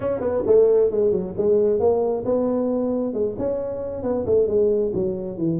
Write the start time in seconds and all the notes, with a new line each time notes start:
0.00 C#4
0.20 B3
0.46 A3
0.90 G#3
1.11 F#3
1.37 G#3
1.79 A#3
2.25 B3
3.13 G#3
3.38 C#4
4.02 B3
4.26 A3
4.47 G#3
4.94 F#3
5.37 E3